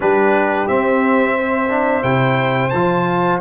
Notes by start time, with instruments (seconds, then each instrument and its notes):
0.00 tuba G3, trombone D4, horn G4, trumpet B4
0.67 trombone C4, tuba C4, trumpet E5
1.37 horn C5
1.68 trombone D4
2.02 tuba C3, trombone E4, trumpet G5
2.69 tuba F3, trombone F4, trumpet A5